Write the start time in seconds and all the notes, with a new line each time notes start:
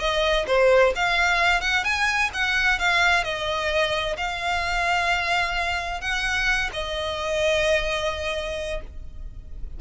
0.00 D#5
0.48 C5
0.96 F5
1.62 F#5
1.85 G#5
2.34 F#5
2.79 F5
3.24 D#5
4.18 F5
6.01 F#5
6.73 D#5